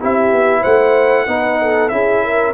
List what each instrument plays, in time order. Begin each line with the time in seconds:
0.00 tuba C4, trombone E4, horn G4, trumpet E5
0.32 tuba B3
0.61 tuba A3, horn C5, trumpet F#5
1.27 tuba B3, trombone D#4, horn B4
1.61 horn A4
1.89 tuba C#4, trombone E4, horn G#4, trumpet E5
2.24 horn A#4